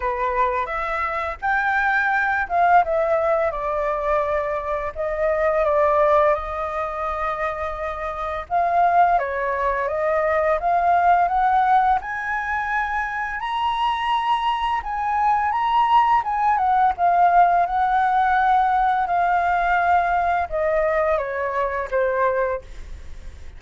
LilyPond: \new Staff \with { instrumentName = "flute" } { \time 4/4 \tempo 4 = 85 b'4 e''4 g''4. f''8 | e''4 d''2 dis''4 | d''4 dis''2. | f''4 cis''4 dis''4 f''4 |
fis''4 gis''2 ais''4~ | ais''4 gis''4 ais''4 gis''8 fis''8 | f''4 fis''2 f''4~ | f''4 dis''4 cis''4 c''4 | }